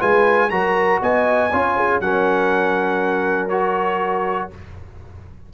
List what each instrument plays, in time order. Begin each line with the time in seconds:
0.00 tuba G#3, trombone F4, horn B4, trumpet G#5
0.50 tuba F#3, trombone F#4, horn A#4, trumpet A#5
1.02 tuba B3, horn D#5, trumpet G#5
1.52 tuba C#4, trombone F4, horn C#5
1.77 horn G#4
2.01 tuba F#3, trombone C#4, horn A#4, trumpet F#5
3.49 trombone F#4, trumpet C#5